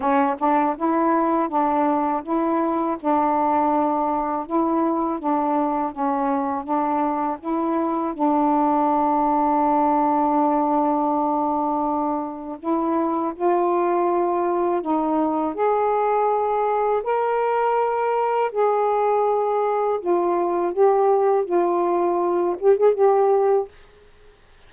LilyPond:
\new Staff \with { instrumentName = "saxophone" } { \time 4/4 \tempo 4 = 81 cis'8 d'8 e'4 d'4 e'4 | d'2 e'4 d'4 | cis'4 d'4 e'4 d'4~ | d'1~ |
d'4 e'4 f'2 | dis'4 gis'2 ais'4~ | ais'4 gis'2 f'4 | g'4 f'4. g'16 gis'16 g'4 | }